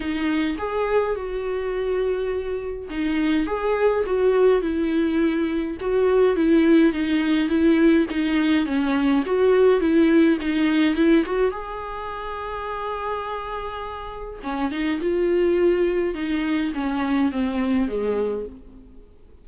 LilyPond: \new Staff \with { instrumentName = "viola" } { \time 4/4 \tempo 4 = 104 dis'4 gis'4 fis'2~ | fis'4 dis'4 gis'4 fis'4 | e'2 fis'4 e'4 | dis'4 e'4 dis'4 cis'4 |
fis'4 e'4 dis'4 e'8 fis'8 | gis'1~ | gis'4 cis'8 dis'8 f'2 | dis'4 cis'4 c'4 gis4 | }